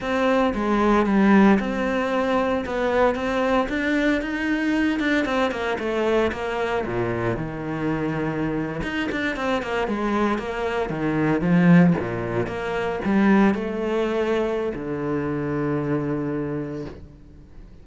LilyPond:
\new Staff \with { instrumentName = "cello" } { \time 4/4 \tempo 4 = 114 c'4 gis4 g4 c'4~ | c'4 b4 c'4 d'4 | dis'4. d'8 c'8 ais8 a4 | ais4 ais,4 dis2~ |
dis8. dis'8 d'8 c'8 ais8 gis4 ais16~ | ais8. dis4 f4 ais,4 ais16~ | ais8. g4 a2~ a16 | d1 | }